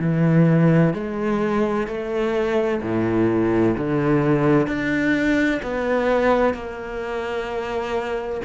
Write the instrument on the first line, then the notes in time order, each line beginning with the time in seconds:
cello
0.00 E3
0.94 G#3
1.87 A3
2.82 A2
3.77 D3
4.67 D4
5.62 B3
6.54 A#3